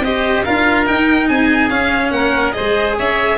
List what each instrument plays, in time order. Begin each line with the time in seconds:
0.00 tuba C4, cello G4, oboe C5, violin D#5
0.44 tuba D4, cello F4, oboe A#4, violin F5
0.86 cello D#4, tuba D#4, violin G5
1.28 tuba C4, oboe G#4, violin G#5
1.70 cello C#4, tuba C#4, violin F5
2.11 tuba A#3, oboe A#4, violin F#5
2.52 cello G#4, oboe C5, violin D#5
2.59 tuba G#3
2.98 tuba C#4, oboe C#5, violin E5